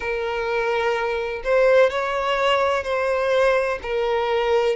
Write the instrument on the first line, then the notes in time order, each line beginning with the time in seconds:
violin
0.00 A#4
1.43 C5
1.90 C#5
2.83 C5
3.82 A#4